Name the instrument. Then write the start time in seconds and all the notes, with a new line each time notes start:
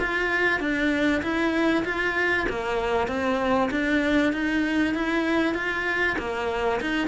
cello
0.00 F4
0.60 D4
1.23 E4
1.85 F4
2.49 A#3
3.08 C4
3.71 D4
4.33 D#4
4.95 E4
5.55 F4
6.19 A#3
6.81 D#4